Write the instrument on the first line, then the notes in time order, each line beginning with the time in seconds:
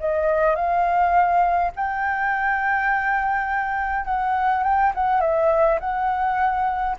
flute
0.00 D#5
0.56 F5
1.76 G5
4.05 F#5
4.64 G5
4.95 F#5
5.21 E5
5.80 F#5